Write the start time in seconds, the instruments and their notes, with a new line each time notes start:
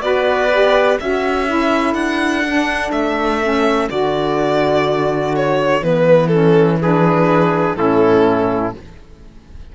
0.00 cello B3, saxophone F#4, trumpet B4, violin D5
0.50 saxophone G4
0.99 cello C#4, saxophone F#4, trumpet A4, violin E5
1.46 saxophone E4
1.94 cello D4, violin F#5
2.46 saxophone D4
2.91 cello A3, violin E5
3.42 saxophone C#4
3.89 cello D3, saxophone F#4, violin D5
5.35 violin C#5
5.80 cello E3, saxophone B3, violin B4
6.27 saxophone C#4, violin A4
6.81 saxophone D4, trumpet G#4, violin B4
7.75 cello A2, saxophone C#4, trumpet E4, violin A4